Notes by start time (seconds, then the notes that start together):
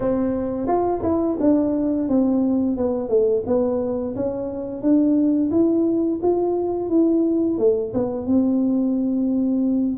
0.00 C4
0.67 F4
1.03 E4
1.39 D4
2.08 C4
2.76 B3
3.08 A3
3.46 B3
4.15 C#4
4.81 D4
5.50 E4
6.22 F4
6.89 E4
7.58 A3
7.93 B3
8.26 C4